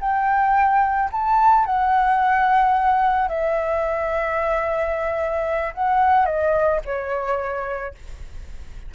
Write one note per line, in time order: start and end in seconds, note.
0.00 1.09 G5
1.12 1.65 A5
1.65 3.28 F#5
3.28 5.73 E5
5.73 6.25 F#5
6.25 6.80 D#5
6.85 7.94 C#5